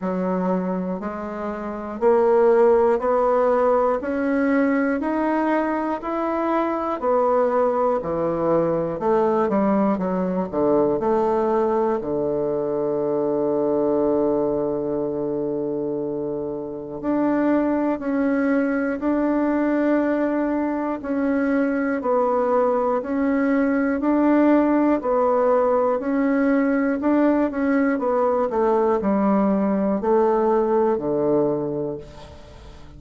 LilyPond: \new Staff \with { instrumentName = "bassoon" } { \time 4/4 \tempo 4 = 60 fis4 gis4 ais4 b4 | cis'4 dis'4 e'4 b4 | e4 a8 g8 fis8 d8 a4 | d1~ |
d4 d'4 cis'4 d'4~ | d'4 cis'4 b4 cis'4 | d'4 b4 cis'4 d'8 cis'8 | b8 a8 g4 a4 d4 | }